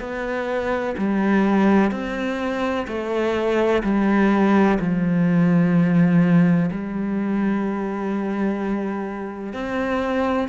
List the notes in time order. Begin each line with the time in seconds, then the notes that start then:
0.00 B3
0.97 G3
1.91 C4
2.88 A3
3.84 G3
4.80 F3
6.71 G3
9.53 C4